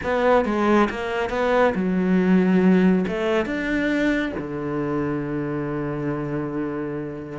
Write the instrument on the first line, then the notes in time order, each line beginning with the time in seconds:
cello
0.03 B3
0.45 G#3
0.89 A#3
1.29 B3
1.74 F#3
3.07 A3
3.45 D4
4.37 D3